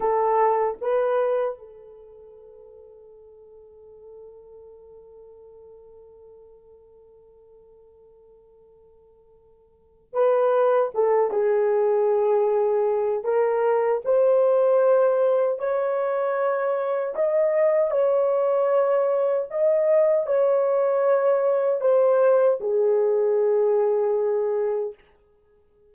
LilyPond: \new Staff \with { instrumentName = "horn" } { \time 4/4 \tempo 4 = 77 a'4 b'4 a'2~ | a'1~ | a'1~ | a'4 b'4 a'8 gis'4.~ |
gis'4 ais'4 c''2 | cis''2 dis''4 cis''4~ | cis''4 dis''4 cis''2 | c''4 gis'2. | }